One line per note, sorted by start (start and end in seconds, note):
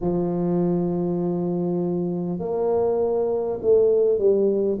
0.01 2.39 F3
2.39 3.59 A#3
3.61 4.18 A3
4.18 4.78 G3